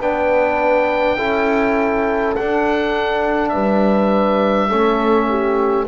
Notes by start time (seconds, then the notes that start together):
0.00 B3 D4 B4 G5
1.17 C#4 E4 A4
2.36 D4 F#5
3.50 G3 B4 E5
4.69 A3 C#4 A4
5.30 G4